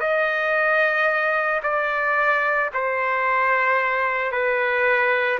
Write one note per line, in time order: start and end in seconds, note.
0.00 1.61 D#5
1.63 2.70 D5
2.74 4.31 C5
4.31 5.39 B4